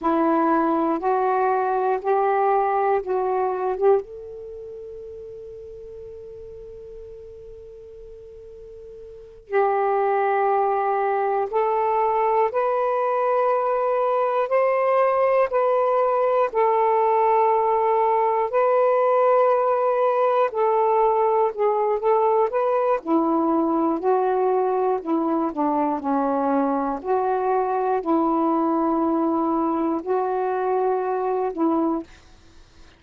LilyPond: \new Staff \with { instrumentName = "saxophone" } { \time 4/4 \tempo 4 = 60 e'4 fis'4 g'4 fis'8. g'16 | a'1~ | a'4. g'2 a'8~ | a'8 b'2 c''4 b'8~ |
b'8 a'2 b'4.~ | b'8 a'4 gis'8 a'8 b'8 e'4 | fis'4 e'8 d'8 cis'4 fis'4 | e'2 fis'4. e'8 | }